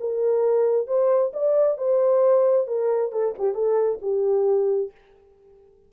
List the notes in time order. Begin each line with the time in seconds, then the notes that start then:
0.00 A#4
0.87 C5
1.33 D5
1.78 C5
2.67 A#4
3.12 A4
3.38 G4
3.55 A4
4.02 G4